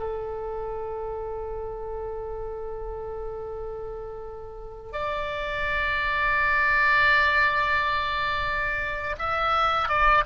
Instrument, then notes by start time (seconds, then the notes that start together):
oboe
0.00 A4
4.93 D5
9.19 E5
9.89 D5